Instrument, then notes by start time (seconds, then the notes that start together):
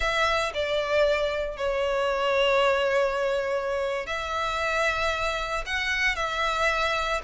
violin
0.00 E5
0.54 D5
1.57 C#5
4.06 E5
5.66 F#5
6.15 E5